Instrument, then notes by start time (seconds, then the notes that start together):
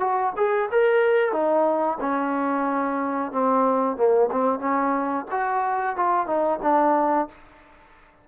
trombone
0.00 F#4
0.37 G#4
0.71 A#4
1.32 D#4
2.00 C#4
3.32 C4
3.97 A#3
4.31 C4
4.60 C#4
5.31 F#4
5.96 F4
6.27 D#4
6.62 D4